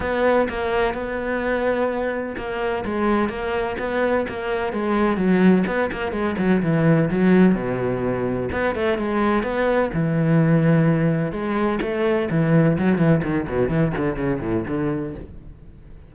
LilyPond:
\new Staff \with { instrumentName = "cello" } { \time 4/4 \tempo 4 = 127 b4 ais4 b2~ | b4 ais4 gis4 ais4 | b4 ais4 gis4 fis4 | b8 ais8 gis8 fis8 e4 fis4 |
b,2 b8 a8 gis4 | b4 e2. | gis4 a4 e4 fis8 e8 | dis8 b,8 e8 d8 cis8 a,8 d4 | }